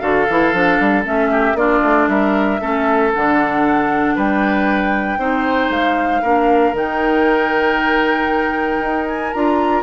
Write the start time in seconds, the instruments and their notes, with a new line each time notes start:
0.00 bassoon D3, clarinet F#4, oboe A4, flute F5
0.29 bassoon E3, clarinet E4
0.53 bassoon F3, clarinet D4
0.80 bassoon G3
1.04 bassoon A3, clarinet C#4, flute E5
1.31 oboe G4
1.55 bassoon A#3, clarinet D4, oboe F4, flute D5
1.83 bassoon A3
2.08 bassoon G3, oboe A#4, flute E5
2.61 bassoon A3, clarinet C#4, oboe A4
3.14 bassoon D3, clarinet D4, flute F#5
4.16 bassoon G3, oboe B4, flute G5
5.18 bassoon C4, clarinet D#4, oboe C5
5.70 bassoon G#3, flute F5
6.22 bassoon A#3, clarinet D4, oboe A#4
6.73 bassoon D#3, clarinet D#4, flute G5
8.80 bassoon D#4
9.08 flute G#5
9.33 bassoon D4, clarinet F4, flute A#5